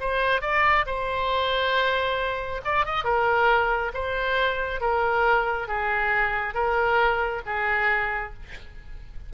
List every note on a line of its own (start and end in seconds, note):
0.00 0.41 C5
0.41 0.85 D5
0.86 2.61 C5
2.64 2.85 D5
2.85 3.04 D#5
3.04 3.92 A#4
3.94 4.80 C5
4.80 5.68 A#4
5.68 6.54 G#4
6.54 7.42 A#4
7.46 8.33 G#4